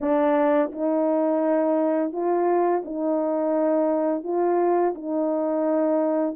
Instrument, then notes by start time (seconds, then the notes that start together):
horn
0.00 D4
0.72 D#4
2.12 F4
2.84 D#4
4.23 F4
4.94 D#4